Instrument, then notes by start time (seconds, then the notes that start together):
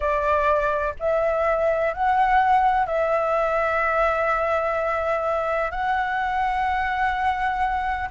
flute
0.00 D5
0.99 E5
1.93 F#5
2.86 E5
5.71 F#5